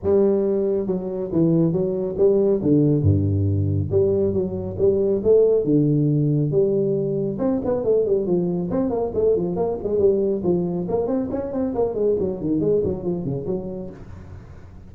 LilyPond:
\new Staff \with { instrumentName = "tuba" } { \time 4/4 \tempo 4 = 138 g2 fis4 e4 | fis4 g4 d4 g,4~ | g,4 g4 fis4 g4 | a4 d2 g4~ |
g4 c'8 b8 a8 g8 f4 | c'8 ais8 a8 f8 ais8 gis8 g4 | f4 ais8 c'8 cis'8 c'8 ais8 gis8 | fis8 dis8 gis8 fis8 f8 cis8 fis4 | }